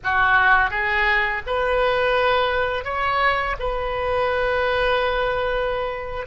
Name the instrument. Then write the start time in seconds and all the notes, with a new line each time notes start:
oboe
0.03 F#4
0.70 G#4
1.46 B4
2.84 C#5
3.59 B4